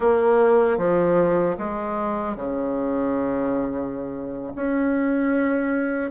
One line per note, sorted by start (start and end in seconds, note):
0.00 0.77 A#3
0.77 1.56 F3
1.58 2.35 G#3
2.35 4.53 C#3
4.55 6.10 C#4